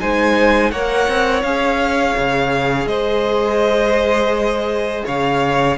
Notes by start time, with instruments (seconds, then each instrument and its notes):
0.00 cello G#3, viola D#4, violin C5 G#5
0.72 cello A#3, viola A#4, violin C#5 F#5
1.09 cello C4
1.43 cello C#4, viola G#4, violin F5
2.18 cello C#3
2.86 cello G#3, violin C5 D#5
5.06 cello C#3, violin C#5 F5